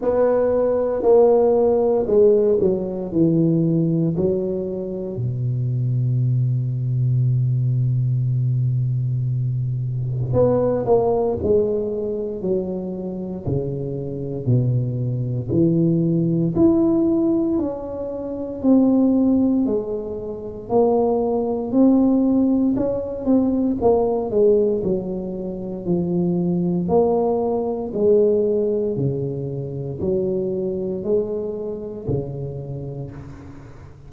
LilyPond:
\new Staff \with { instrumentName = "tuba" } { \time 4/4 \tempo 4 = 58 b4 ais4 gis8 fis8 e4 | fis4 b,2.~ | b,2 b8 ais8 gis4 | fis4 cis4 b,4 e4 |
e'4 cis'4 c'4 gis4 | ais4 c'4 cis'8 c'8 ais8 gis8 | fis4 f4 ais4 gis4 | cis4 fis4 gis4 cis4 | }